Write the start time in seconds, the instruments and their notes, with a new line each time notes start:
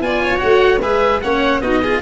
0.00 tuba B3, cello F4, violin D5, oboe G#5
0.23 violin C#5
0.37 cello F#4, oboe F#5
0.43 tuba A3
0.81 tuba G#3, cello G#4, violin B4, oboe E5
1.21 tuba A#3, cello C#4, violin C#5, oboe F#5
1.61 tuba B3, cello D#4, violin F#4, oboe D#5
1.82 cello F4, violin G#4